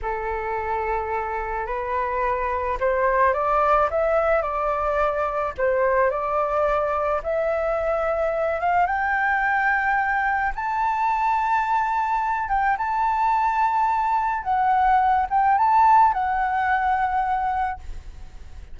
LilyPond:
\new Staff \with { instrumentName = "flute" } { \time 4/4 \tempo 4 = 108 a'2. b'4~ | b'4 c''4 d''4 e''4 | d''2 c''4 d''4~ | d''4 e''2~ e''8 f''8 |
g''2. a''4~ | a''2~ a''8 g''8 a''4~ | a''2 fis''4. g''8 | a''4 fis''2. | }